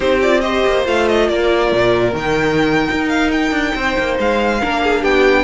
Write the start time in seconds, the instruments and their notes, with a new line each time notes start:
0.00 cello C4, viola D#4, violin G4 C5
0.22 viola F4, violin D5
0.40 viola G4, violin C5 D#5
0.66 cello A#3
0.84 cello A3, viola F4, violin F5
1.08 violin D#5
1.28 cello A#3, violin A#4 D5
1.72 cello A#2
2.13 cello D#3, viola D#4, violin G5
2.91 cello D#4
3.09 violin F5
3.31 violin G5
3.51 cello D4
3.75 cello C4, violin C5
3.98 cello A#3
4.19 cello G#3, violin F5
4.60 cello A#3, viola D4, violin A#4
4.83 violin G#4
5.01 cello B3, violin G4 G5